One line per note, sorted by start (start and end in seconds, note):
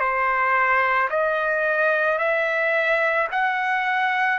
0.00 1.09 C5
1.11 2.19 D#5
2.19 3.28 E5
3.32 4.39 F#5